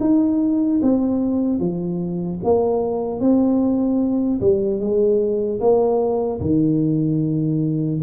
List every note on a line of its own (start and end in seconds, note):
0.00 0.80 D#4
0.82 1.59 C4
1.59 2.39 F3
2.44 3.20 A#3
3.20 4.40 C4
4.40 4.80 G3
4.80 5.60 G#3
5.60 6.40 A#3
6.40 8.00 D#3